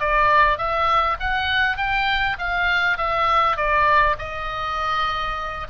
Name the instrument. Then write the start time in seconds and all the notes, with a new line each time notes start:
oboe
0.00 D5
0.58 E5
1.20 F#5
1.77 G5
2.39 F5
2.98 E5
3.57 D5
4.19 D#5